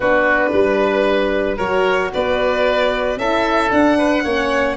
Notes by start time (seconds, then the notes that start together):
0.00 B3 D4 F#4 B4
0.52 G3 B4
1.56 F#3 F#4 A#4 C#5
2.13 B3 B4 D5
3.16 C#4 E4 A4 E5
3.68 D4 F#5
3.98 B4
4.23 A#3 C#4 C#5